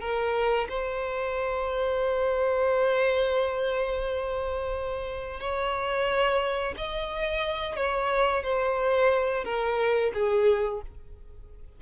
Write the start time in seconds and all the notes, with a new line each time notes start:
0.00 A#4
0.69 C5
5.40 C#5
6.77 D#5
7.76 C#5
8.43 C5
9.44 A#4
10.14 G#4